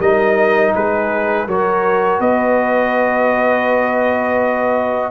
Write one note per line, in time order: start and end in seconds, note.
0.00 0.73 G3
0.00 1.48 D#4
0.00 0.74 A#4
0.00 0.74 D#5
0.75 1.47 G#3
0.75 1.48 G#4
0.75 1.48 B4
1.47 2.20 F#3
1.47 5.11 F#4
1.47 2.20 A#4
1.47 2.21 C#5
2.20 5.11 B3
2.20 5.11 B4
2.20 5.11 D#5